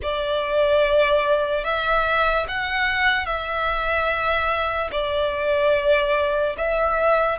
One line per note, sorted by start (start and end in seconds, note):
0.02 1.64 D5
1.64 2.46 E5
2.48 3.25 F#5
3.25 4.90 E5
4.91 6.56 D5
6.57 7.39 E5